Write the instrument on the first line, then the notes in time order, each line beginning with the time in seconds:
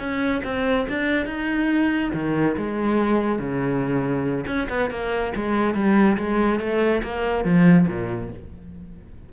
cello
0.00 C#4
0.45 C4
0.89 D4
1.26 D#4
2.14 D#3
2.57 G#3
3.39 C#3
4.47 C#4
4.70 B3
4.91 A#3
5.36 G#3
5.75 G3
6.18 G#3
6.60 A3
7.03 A#3
7.45 F3
7.88 A#2